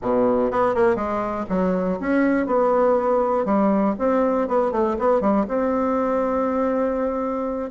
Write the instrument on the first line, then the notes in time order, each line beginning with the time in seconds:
bassoon
0.02 B2
0.51 B3
0.74 A#3
0.95 G#3
1.49 F#3
2.00 C#4
2.46 B3
3.45 G3
3.98 C4
4.48 B3
4.71 A3
4.98 B3
5.20 G3
5.47 C4